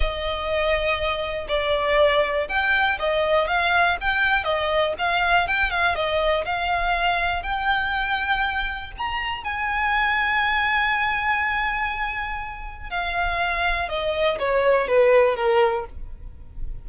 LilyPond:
\new Staff \with { instrumentName = "violin" } { \time 4/4 \tempo 4 = 121 dis''2. d''4~ | d''4 g''4 dis''4 f''4 | g''4 dis''4 f''4 g''8 f''8 | dis''4 f''2 g''4~ |
g''2 ais''4 gis''4~ | gis''1~ | gis''2 f''2 | dis''4 cis''4 b'4 ais'4 | }